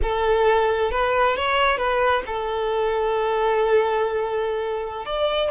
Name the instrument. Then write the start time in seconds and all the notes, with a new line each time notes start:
violin
0.02 A4
0.91 B4
1.36 C#5
1.77 B4
2.26 A4
5.05 D5